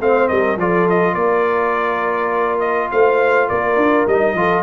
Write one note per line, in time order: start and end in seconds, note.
0.00 0.29 A3
0.00 0.58 C4
0.00 0.30 C5
0.00 0.28 F5
0.28 0.57 G3
0.28 0.59 A#4
0.28 0.57 D#5
0.57 1.15 F3
0.57 4.09 F4
0.57 1.14 A4
0.57 0.89 D5
0.89 1.15 D#5
1.14 2.90 A#3
1.14 2.89 A#4
1.14 2.60 D5
2.60 2.89 D#5
2.91 3.51 A3
2.91 3.48 C5
2.91 3.49 F5
3.48 3.76 A#3
3.48 4.36 A#4
3.48 4.07 D5
3.76 4.05 D4
4.07 4.34 G3
4.07 4.36 D#4
4.07 4.63 D#5
4.34 4.63 F3
4.34 4.63 F4
4.34 4.63 A4